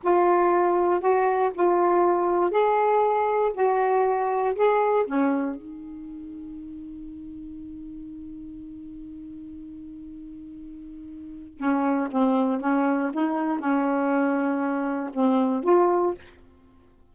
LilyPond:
\new Staff \with { instrumentName = "saxophone" } { \time 4/4 \tempo 4 = 119 f'2 fis'4 f'4~ | f'4 gis'2 fis'4~ | fis'4 gis'4 cis'4 dis'4~ | dis'1~ |
dis'1~ | dis'2. cis'4 | c'4 cis'4 dis'4 cis'4~ | cis'2 c'4 f'4 | }